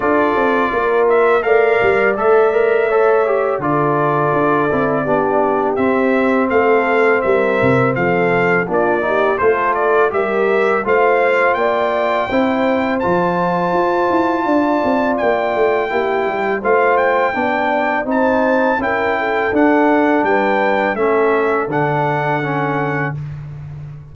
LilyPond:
<<
  \new Staff \with { instrumentName = "trumpet" } { \time 4/4 \tempo 4 = 83 d''4. e''8 f''4 e''4~ | e''4 d''2. | e''4 f''4 e''4 f''4 | d''4 c''8 d''8 e''4 f''4 |
g''2 a''2~ | a''4 g''2 f''8 g''8~ | g''4 a''4 g''4 fis''4 | g''4 e''4 fis''2 | }
  \new Staff \with { instrumentName = "horn" } { \time 4/4 a'4 ais'4 d''2 | cis''4 a'2 g'4~ | g'4 a'4 ais'4 a'4 | f'8 g'8 a'4 ais'4 c''4 |
d''4 c''2. | d''2 g'4 c''4 | d''4 c''4 ais'8 a'4. | b'4 a'2. | }
  \new Staff \with { instrumentName = "trombone" } { \time 4/4 f'2 ais'4 a'8 ais'8 | a'8 g'8 f'4. e'8 d'4 | c'1 | d'8 dis'8 f'4 g'4 f'4~ |
f'4 e'4 f'2~ | f'2 e'4 f'4 | d'4 dis'4 e'4 d'4~ | d'4 cis'4 d'4 cis'4 | }
  \new Staff \with { instrumentName = "tuba" } { \time 4/4 d'8 c'8 ais4 a8 g8 a4~ | a4 d4 d'8 c'8 b4 | c'4 a4 g8 c8 f4 | ais4 a4 g4 a4 |
ais4 c'4 f4 f'8 e'8 | d'8 c'8 ais8 a8 ais8 g8 a4 | b4 c'4 cis'4 d'4 | g4 a4 d2 | }
>>